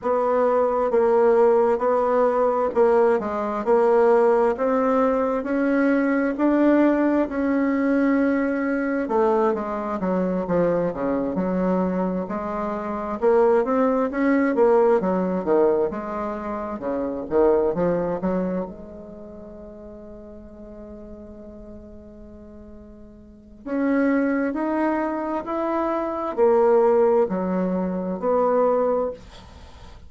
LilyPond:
\new Staff \with { instrumentName = "bassoon" } { \time 4/4 \tempo 4 = 66 b4 ais4 b4 ais8 gis8 | ais4 c'4 cis'4 d'4 | cis'2 a8 gis8 fis8 f8 | cis8 fis4 gis4 ais8 c'8 cis'8 |
ais8 fis8 dis8 gis4 cis8 dis8 f8 | fis8 gis2.~ gis8~ | gis2 cis'4 dis'4 | e'4 ais4 fis4 b4 | }